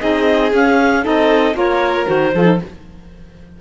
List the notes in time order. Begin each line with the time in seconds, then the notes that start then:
0.00 C4 D#4 G#4 D#5
0.53 C#4 F5
1.03 C4 D#4 A4 D#5
1.54 A#3 F4 A#4 C#5
2.06 D#3 F#4 C5
2.34 F3 F4 A4
2.45 D#4